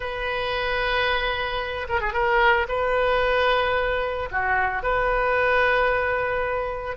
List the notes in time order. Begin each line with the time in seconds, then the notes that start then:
0.00 B4
1.88 A#4
2.00 G#4
2.13 A#4
2.68 B4
4.31 F#4
4.83 B4